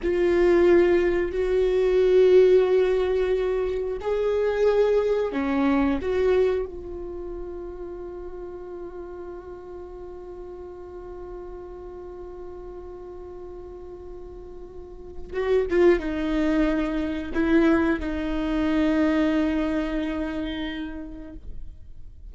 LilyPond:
\new Staff \with { instrumentName = "viola" } { \time 4/4 \tempo 4 = 90 f'2 fis'2~ | fis'2 gis'2 | cis'4 fis'4 f'2~ | f'1~ |
f'1~ | f'2. fis'8 f'8 | dis'2 e'4 dis'4~ | dis'1 | }